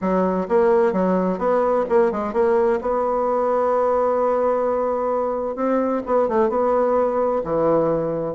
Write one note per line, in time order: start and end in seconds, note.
0.01 0.47 F#3
0.48 0.93 A#3
0.93 1.38 F#3
1.38 1.84 B3
1.89 2.11 A#3
2.11 2.33 G#3
2.33 2.79 A#3
2.81 5.55 B3
5.55 6.02 C4
6.06 6.28 B3
6.28 6.49 A3
6.49 7.42 B3
7.44 8.34 E3